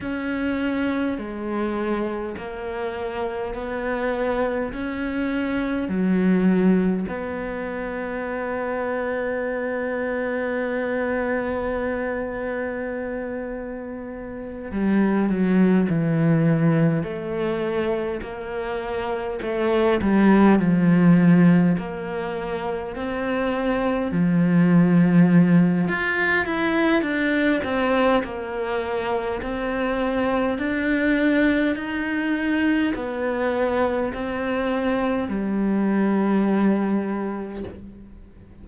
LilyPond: \new Staff \with { instrumentName = "cello" } { \time 4/4 \tempo 4 = 51 cis'4 gis4 ais4 b4 | cis'4 fis4 b2~ | b1~ | b8 g8 fis8 e4 a4 ais8~ |
ais8 a8 g8 f4 ais4 c'8~ | c'8 f4. f'8 e'8 d'8 c'8 | ais4 c'4 d'4 dis'4 | b4 c'4 g2 | }